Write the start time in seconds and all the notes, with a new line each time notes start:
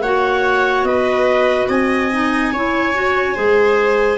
0.00 A#3 F#4 C#5 F#5
0.83 B3 B4 D#5
1.68 C4 D#5 G#5
2.11 D#4
2.52 C#4 E4 C#5
2.94 F#4
3.35 G#3 G#4 C5